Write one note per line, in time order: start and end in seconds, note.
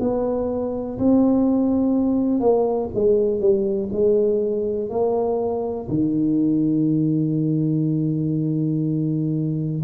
0.00 0.98 B3
0.98 2.40 C4
2.40 2.89 A#3
2.94 3.40 G#3
3.40 3.89 G3
3.92 4.89 G#3
4.89 5.87 A#3
5.89 9.82 D#3